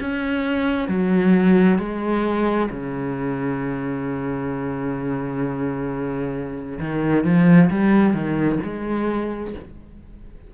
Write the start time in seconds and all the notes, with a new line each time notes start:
0.00 C#4
0.88 F#3
1.79 G#3
2.70 C#3
6.80 D#3
7.24 F3
7.70 G3
8.14 D#3
8.64 G#3